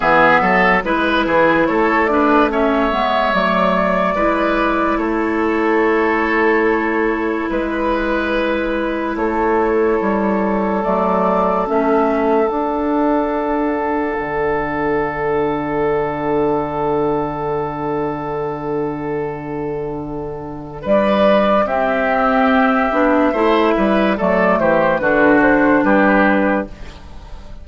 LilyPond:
<<
  \new Staff \with { instrumentName = "flute" } { \time 4/4 \tempo 4 = 72 e''4 b'4 cis''8 d''8 e''4 | d''2 cis''2~ | cis''4 b'2 cis''4~ | cis''4 d''4 e''4 fis''4~ |
fis''1~ | fis''1~ | fis''4 d''4 e''2~ | e''4 d''8 c''8 b'8 c''8 b'4 | }
  \new Staff \with { instrumentName = "oboe" } { \time 4/4 gis'8 a'8 b'8 gis'8 a'8 b'8 cis''4~ | cis''4 b'4 a'2~ | a'4 b'2 a'4~ | a'1~ |
a'1~ | a'1~ | a'4 b'4 g'2 | c''8 b'8 a'8 g'8 fis'4 g'4 | }
  \new Staff \with { instrumentName = "clarinet" } { \time 4/4 b4 e'4. d'8 cis'8 b8 | a4 e'2.~ | e'1~ | e'4 a4 cis'4 d'4~ |
d'1~ | d'1~ | d'2 c'4. d'8 | e'4 a4 d'2 | }
  \new Staff \with { instrumentName = "bassoon" } { \time 4/4 e8 fis8 gis8 e8 a4. gis8 | fis4 gis4 a2~ | a4 gis2 a4 | g4 fis4 a4 d'4~ |
d'4 d2.~ | d1~ | d4 g4 c'4. b8 | a8 g8 fis8 e8 d4 g4 | }
>>